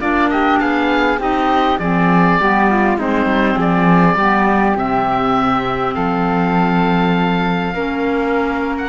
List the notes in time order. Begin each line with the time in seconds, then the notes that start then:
0.00 A#3 D4 F4 D5
0.30 G4 D#5
0.60 B3 G#4 F5
1.19 C4 D#4 G4 D#5
1.79 F3 C4 G#4 D5
2.40 G3 B3 G4
2.70 F4
2.98 G#3 C4 D#4 C5
3.26 G3
3.56 F3 G#4 D5
4.16 G3 B3 G4
4.76 C3 C4 E5
5.95 F3 A4 F5
7.75 A#3 C#4 A#4
8.78 F#5